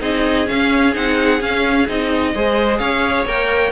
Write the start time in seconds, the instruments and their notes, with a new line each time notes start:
0.00 cello C4, viola D#4, violin G#4 D#5
0.46 viola C#4, cello C#4, violin F5
0.93 cello C4, viola D#4, violin F#5
1.39 viola C#4, cello C#4, violin F5
1.88 cello C4, viola D#4, violin D#5
2.34 cello G#3, viola G#4, violin C5
2.78 cello C#4, violin C#5 F5
3.25 cello A#3, viola A#4, violin G5